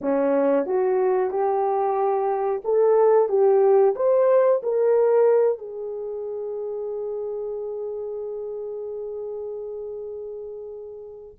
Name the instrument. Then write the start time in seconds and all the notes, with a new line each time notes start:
horn
0.01 C#4
0.66 F#4
1.30 G4
2.64 A4
3.28 G4
3.95 C5
4.62 A#4
5.58 G#4